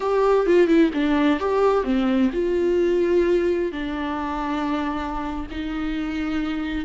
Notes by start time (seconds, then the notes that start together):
0.00 G4
0.46 F4
0.67 E4
0.93 D4
1.39 G4
1.84 C4
2.33 F4
3.71 D4
5.50 D#4